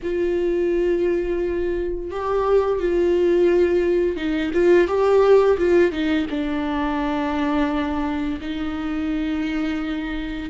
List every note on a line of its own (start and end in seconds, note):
0.02 2.10 F4
2.10 2.79 G4
2.79 4.16 F4
4.16 4.51 D#4
4.53 4.87 F4
4.87 5.57 G4
5.58 5.91 F4
5.91 6.26 D#4
6.30 8.39 D4
8.41 10.49 D#4